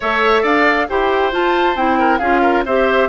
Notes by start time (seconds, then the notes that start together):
0.00 A3 A4 C#5 E5
0.42 D4 D5 F5
0.89 E4 G4 C5 G5
1.32 F4 A5
1.75 C4 E4 G5
1.99 A#4
2.18 C#4 F4 G#4 F5
2.41 A#4
2.65 C4 G4 C5 E5